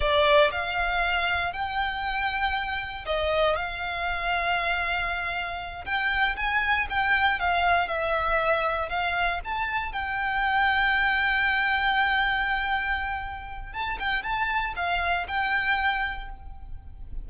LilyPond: \new Staff \with { instrumentName = "violin" } { \time 4/4 \tempo 4 = 118 d''4 f''2 g''4~ | g''2 dis''4 f''4~ | f''2.~ f''8 g''8~ | g''8 gis''4 g''4 f''4 e''8~ |
e''4. f''4 a''4 g''8~ | g''1~ | g''2. a''8 g''8 | a''4 f''4 g''2 | }